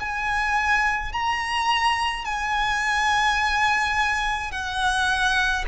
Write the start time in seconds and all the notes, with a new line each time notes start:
0.00 G#5
1.13 A#5
2.25 G#5
4.51 F#5